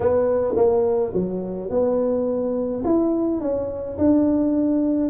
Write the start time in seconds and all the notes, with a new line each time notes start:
0.00 B3
0.56 A#3
1.13 F#3
1.70 B3
2.84 E4
3.40 C#4
3.98 D4